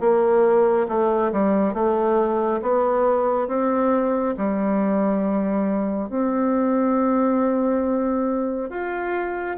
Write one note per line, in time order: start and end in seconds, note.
0.00 0.87 A#3
0.88 1.32 A3
1.32 1.74 G3
1.74 2.61 A3
2.62 3.48 B3
3.48 4.35 C4
4.37 6.09 G3
6.09 8.70 C4
8.70 9.57 F4